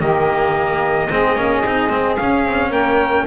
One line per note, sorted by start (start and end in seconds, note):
0.00 1.09 D#3
0.00 1.09 A#3
0.00 1.09 G4
0.00 2.17 D#5
1.10 1.36 G#3
1.10 1.37 C4
1.10 2.70 G#4
1.36 1.63 A#3
1.36 1.65 C#4
1.64 1.90 C4
1.64 1.90 D#4
1.90 2.18 G#3
1.90 2.17 C4
2.17 3.27 C#4
2.17 2.46 C#4
2.17 2.72 F5
2.46 2.71 C4
2.70 3.26 A#3
2.70 3.24 A#4
2.70 3.27 G5